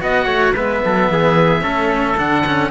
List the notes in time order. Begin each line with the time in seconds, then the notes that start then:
0.00 B3 F#4 D#5 F#5
0.25 A3 C#5
0.53 G#3 B3 B4 E5
0.84 F#3 A4
1.08 E3 G#4
1.61 A3 C#4 A4
2.17 D3 D4 F#5
2.46 C#4